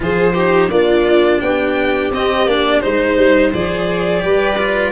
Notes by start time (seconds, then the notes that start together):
0.00 F3 F4 G#4 C5
0.34 D#4 G4
0.70 A#3 D4 F4 D5
1.40 B3 G4 G5
2.10 C4 D#5
2.45 A#3 D4 D5
2.80 G#3 D#4 C5
3.16 G3
3.53 F3 G#4 D5
4.21 G3 G4 B4
4.58 F4